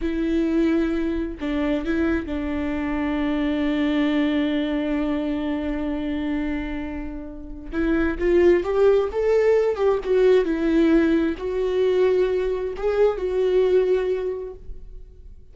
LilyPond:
\new Staff \with { instrumentName = "viola" } { \time 4/4 \tempo 4 = 132 e'2. d'4 | e'4 d'2.~ | d'1~ | d'1~ |
d'4 e'4 f'4 g'4 | a'4. g'8 fis'4 e'4~ | e'4 fis'2. | gis'4 fis'2. | }